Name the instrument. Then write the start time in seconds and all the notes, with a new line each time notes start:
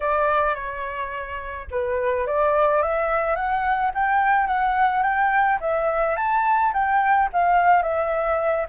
flute
0.00 D5
0.55 C#5
1.71 B4
2.27 D5
2.82 E5
3.35 F#5
3.94 G5
4.47 F#5
5.02 G5
5.60 E5
6.16 A5
6.73 G5
7.33 F5
7.82 E5